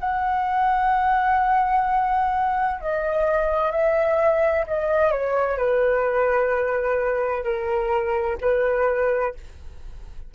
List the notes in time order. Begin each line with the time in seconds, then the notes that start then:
0.00 F#5
2.81 D#5
3.72 E5
4.67 D#5
5.11 C#5
5.58 B4
7.44 A#4
8.41 B4